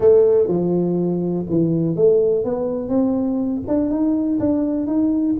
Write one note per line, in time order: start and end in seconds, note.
0.00 0.47 A3
0.47 1.45 F3
1.49 1.95 E3
1.95 2.44 A3
2.44 2.88 B3
2.88 3.62 C4
3.67 3.90 D4
3.90 4.39 D#4
4.39 4.86 D4
4.86 5.35 D#4